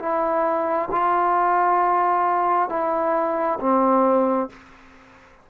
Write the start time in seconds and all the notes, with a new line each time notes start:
0.00 E4
0.92 F4
2.70 E4
3.61 C4